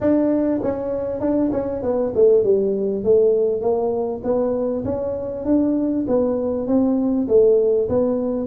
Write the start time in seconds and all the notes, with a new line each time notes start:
0.00 D4
0.63 C#4
1.20 D4
1.52 C#4
1.82 B3
2.14 A3
2.43 G3
3.04 A3
3.61 A#3
4.23 B3
4.84 C#4
5.45 D4
6.07 B3
6.67 C4
7.28 A3
7.88 B3